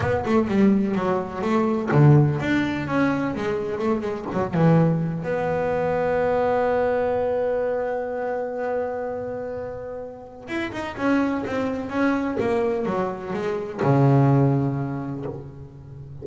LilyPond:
\new Staff \with { instrumentName = "double bass" } { \time 4/4 \tempo 4 = 126 b8 a8 g4 fis4 a4 | d4 d'4 cis'4 gis4 | a8 gis8 fis8 e4. b4~ | b1~ |
b1~ | b2 e'8 dis'8 cis'4 | c'4 cis'4 ais4 fis4 | gis4 cis2. | }